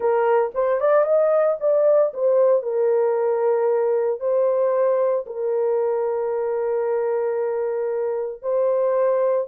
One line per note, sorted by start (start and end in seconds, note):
0.00 0.51 A#4
0.54 0.80 C5
0.80 1.04 D5
1.04 1.56 D#5
1.60 2.12 D5
2.13 2.62 C5
2.62 4.20 A#4
4.20 5.25 C5
5.26 8.41 A#4
8.41 9.47 C5